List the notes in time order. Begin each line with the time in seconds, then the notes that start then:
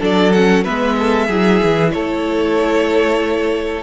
0.00 F#3 D4 A4 D5
0.32 C#4 F#5
0.64 G#3 B3 B4 E5
0.99 A4
1.28 F#3 E4 G#4
1.63 E3
1.92 A3 A4 C#5